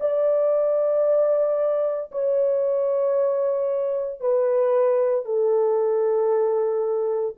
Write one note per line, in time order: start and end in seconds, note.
0.00 2.11 D5
2.11 4.20 C#5
4.20 5.25 B4
5.25 7.35 A4